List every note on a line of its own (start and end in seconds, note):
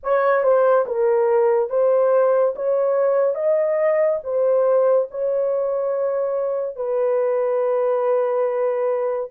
0.03 0.43 C#5
0.43 0.85 C5
0.86 1.69 A#4
1.69 2.54 C5
2.55 3.35 C#5
3.35 4.19 D#5
4.23 5.07 C5
5.10 6.76 C#5
6.76 9.29 B4